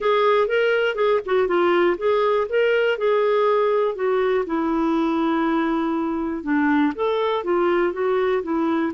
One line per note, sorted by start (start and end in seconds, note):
0.00 0.47 G#4
0.47 0.95 A#4
0.95 1.20 G#4
1.25 1.47 F#4
1.47 1.97 F4
1.97 2.47 G#4
2.49 2.98 A#4
2.98 3.95 G#4
3.95 4.44 F#4
4.46 6.43 E4
6.43 6.92 D4
6.95 7.44 A4
7.44 7.92 F4
7.92 8.42 F#4
8.42 8.92 E4